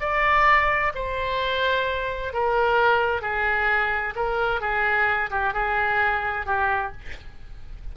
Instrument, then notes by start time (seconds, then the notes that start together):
oboe
0.00 D5
0.95 C5
2.33 A#4
3.22 G#4
4.15 A#4
4.60 G#4
5.30 G4
5.53 G#4
6.46 G4